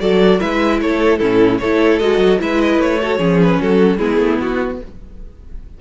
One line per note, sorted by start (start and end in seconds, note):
0.00 0.40 F#3
0.00 0.40 F#4
0.00 0.40 A4
0.00 0.40 D5
0.40 0.82 G#3
0.40 1.20 E4
0.40 0.80 B4
0.40 0.80 E5
0.81 1.20 A3
0.81 1.19 A4
0.81 1.18 C#5
1.18 1.60 A2
1.18 1.60 C#4
1.18 1.59 E4
1.18 1.58 A4
1.59 2.00 A3
1.59 2.01 E4
1.59 2.40 A4
1.59 1.99 C#5
1.99 2.18 G#3
1.99 2.39 F#4
1.99 2.39 D#5
2.18 2.38 F#3
2.39 2.78 G#3
2.39 2.99 E4
2.39 3.00 B4
2.39 2.61 E5
2.61 2.81 D#5
2.78 3.18 A3
2.78 3.41 C#5
3.00 3.19 F#4
3.00 3.19 A4
3.19 3.59 F3
3.19 3.99 C#4
3.19 3.59 G#4
3.42 3.62 B4
3.62 3.98 F#3
3.62 3.98 F#4
3.62 3.99 A4
3.98 4.17 G#3
3.98 4.80 B3
3.98 4.78 E4
3.98 4.39 G#4
4.17 4.37 A3
4.41 4.81 B3
4.41 4.81 F#4